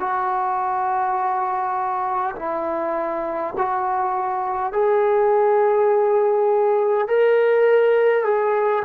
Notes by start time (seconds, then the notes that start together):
0.00 F#4
2.36 E4
3.58 F#4
4.73 G#4
7.08 A#4
8.25 G#4